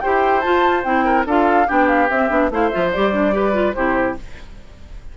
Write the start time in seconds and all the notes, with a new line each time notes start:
0.00 G4 C5 G5
0.07 E4
0.41 F4 A5
0.84 C4 E4 G5
1.05 A#4
1.26 D4 F4 A4 F5
1.67 B3 D4 G4 G5
1.88 F5
2.10 C4 E5
2.30 B3 D4
2.50 A3 E4 C5 F5
2.69 F4 E5
2.76 F3
2.92 G3 G4 D5
3.12 D4
3.32 G4 B4
3.53 F4
3.74 C3 E4 G4 C5